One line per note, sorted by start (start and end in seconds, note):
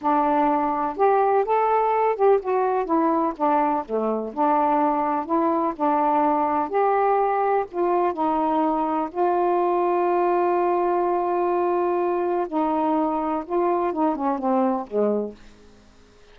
0.01 0.96 D4
0.96 1.44 G4
1.44 2.15 A4
2.15 2.39 G4
2.42 2.85 F#4
2.85 3.33 E4
3.36 3.84 D4
3.85 4.33 A3
4.33 5.25 D4
5.25 5.73 E4
5.76 6.69 D4
6.69 7.65 G4
7.71 8.13 F4
8.13 9.09 D#4
9.11 12.47 F4
12.48 13.44 D#4
13.45 13.92 F4
13.92 14.15 D#4
14.15 14.38 C#4
14.38 14.86 C4
14.86 15.34 G#3